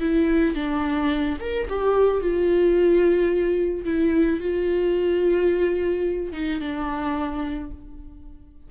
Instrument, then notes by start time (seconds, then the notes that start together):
viola
0.00 E4
0.55 D4
1.40 A#4
1.69 G4
2.20 F4
3.85 E4
4.40 F4
6.33 D#4
6.60 D4